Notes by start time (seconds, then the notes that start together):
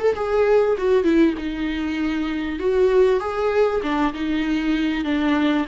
0.00 A4
0.15 G#4
0.78 F#4
1.04 E4
1.37 D#4
2.59 F#4
3.20 G#4
3.83 D4
4.14 D#4
5.05 D4